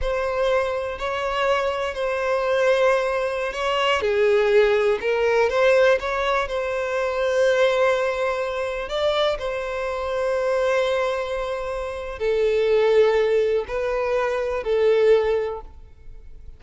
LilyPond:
\new Staff \with { instrumentName = "violin" } { \time 4/4 \tempo 4 = 123 c''2 cis''2 | c''2.~ c''16 cis''8.~ | cis''16 gis'2 ais'4 c''8.~ | c''16 cis''4 c''2~ c''8.~ |
c''2~ c''16 d''4 c''8.~ | c''1~ | c''4 a'2. | b'2 a'2 | }